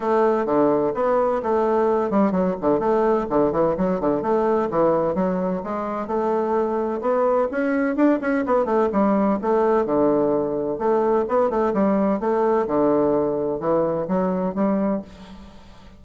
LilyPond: \new Staff \with { instrumentName = "bassoon" } { \time 4/4 \tempo 4 = 128 a4 d4 b4 a4~ | a8 g8 fis8 d8 a4 d8 e8 | fis8 d8 a4 e4 fis4 | gis4 a2 b4 |
cis'4 d'8 cis'8 b8 a8 g4 | a4 d2 a4 | b8 a8 g4 a4 d4~ | d4 e4 fis4 g4 | }